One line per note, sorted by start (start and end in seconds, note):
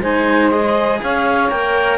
0.00 0.99 G#3
0.00 0.52 D#4
0.00 1.01 C5
0.00 0.50 G#5
0.50 1.49 G#4
0.50 1.00 D#5
1.02 1.51 C#4
1.02 1.98 C#5
1.02 1.50 F5
1.49 1.98 A#3
1.49 1.98 A#4
1.49 1.98 G5